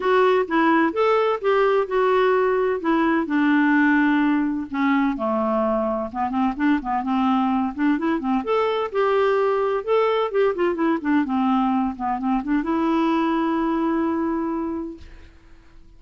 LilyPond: \new Staff \with { instrumentName = "clarinet" } { \time 4/4 \tempo 4 = 128 fis'4 e'4 a'4 g'4 | fis'2 e'4 d'4~ | d'2 cis'4 a4~ | a4 b8 c'8 d'8 b8 c'4~ |
c'8 d'8 e'8 c'8 a'4 g'4~ | g'4 a'4 g'8 f'8 e'8 d'8 | c'4. b8 c'8 d'8 e'4~ | e'1 | }